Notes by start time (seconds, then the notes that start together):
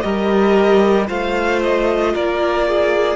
0.00 G3 G4 A#4 D#5
1.07 A3 F4 C5 F5
1.62 D#5
2.14 A#3 A#4 D5
2.67 G#4